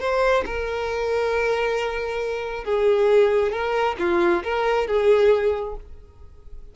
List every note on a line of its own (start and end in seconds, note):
0.00 0.44 C5
0.46 2.65 A#4
2.65 3.52 G#4
3.52 3.96 A#4
3.99 4.43 F4
4.44 4.87 A#4
4.87 5.76 G#4